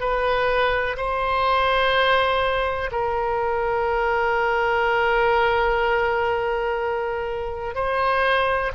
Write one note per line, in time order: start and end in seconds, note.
0.00 0.97 B4
0.97 2.91 C5
2.92 7.75 A#4
7.75 8.72 C5